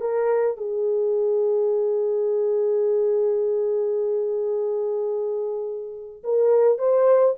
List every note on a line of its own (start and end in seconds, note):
0.00 0.57 A#4
0.57 6.23 G#4
6.23 6.78 A#4
6.78 7.35 C5